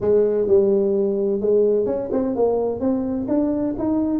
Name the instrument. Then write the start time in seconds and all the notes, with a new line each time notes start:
tuba
0.00 G#3
0.47 G3
1.40 G#3
1.85 C#4
2.12 C4
2.35 A#3
2.80 C4
3.28 D4
3.78 D#4